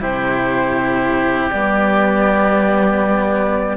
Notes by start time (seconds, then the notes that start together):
0.00 C3 E4 G4 C5
1.50 G3 B3 D5